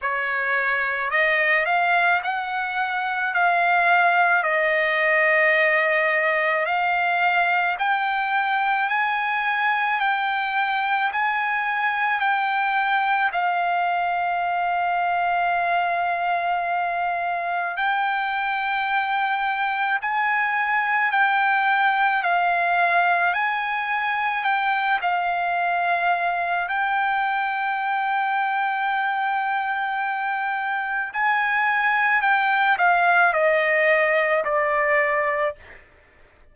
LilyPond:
\new Staff \with { instrumentName = "trumpet" } { \time 4/4 \tempo 4 = 54 cis''4 dis''8 f''8 fis''4 f''4 | dis''2 f''4 g''4 | gis''4 g''4 gis''4 g''4 | f''1 |
g''2 gis''4 g''4 | f''4 gis''4 g''8 f''4. | g''1 | gis''4 g''8 f''8 dis''4 d''4 | }